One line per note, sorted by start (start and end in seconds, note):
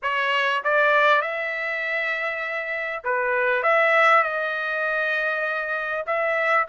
0.02 0.63 C#5
0.64 1.21 D5
1.21 3.03 E5
3.04 3.62 B4
3.62 4.23 E5
4.23 6.05 D#5
6.06 6.67 E5